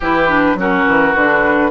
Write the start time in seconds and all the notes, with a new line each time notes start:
0.00 E3 E4 G4 B4
0.28 D4
0.54 F#3 C#4 F#4 A#4
0.87 E3
1.15 D3 D4 B4